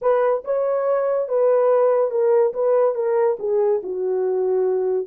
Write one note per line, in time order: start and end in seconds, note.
0.01 0.43 B4
0.44 1.28 C#5
1.28 2.10 B4
2.10 2.53 A#4
2.53 2.95 B4
2.95 3.37 A#4
3.39 3.81 G#4
3.83 5.07 F#4